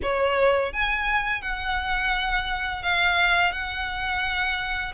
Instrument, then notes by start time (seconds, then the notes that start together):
violin
0.02 C#5
0.73 G#5
1.41 F#5
2.82 F5
3.52 F#5